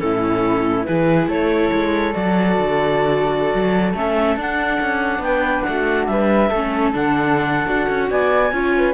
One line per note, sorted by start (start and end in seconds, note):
0.00 0.87 A2
0.00 0.86 C#4
0.00 0.88 E4
0.00 0.85 A4
0.85 1.28 E3
0.85 2.13 E4
0.85 1.29 G#4
0.85 1.28 B4
1.28 1.71 A3
1.28 5.22 A4
1.28 2.14 C#5
1.72 2.15 G#3
2.13 2.59 F#3
2.13 3.94 F#4
2.13 3.95 D5
2.59 3.54 D3
3.55 3.94 F#3
3.94 4.37 A3
3.94 4.38 C#4
3.94 4.38 E5
4.37 4.79 D4
4.37 6.52 D4
4.37 5.23 F#5
4.81 5.19 C#4
5.19 5.62 B3
5.19 5.67 B4
5.19 5.62 G5
5.62 6.11 F#4
5.62 6.05 F#5
5.69 6.08 A3
6.06 6.51 G3
6.06 6.50 B4
6.06 6.91 E5
6.50 6.94 A3
6.50 8.09 A4
6.56 6.94 C#4
6.94 7.67 D3
6.94 7.66 D4
6.94 8.11 F#5
7.66 7.88 D4
7.66 8.51 F#4
7.90 8.11 C#4
8.11 8.52 B3
8.11 8.53 D5
8.11 8.94 G#5
8.52 8.94 C#4
8.52 8.94 F4
8.52 8.75 C#5
8.78 8.94 B4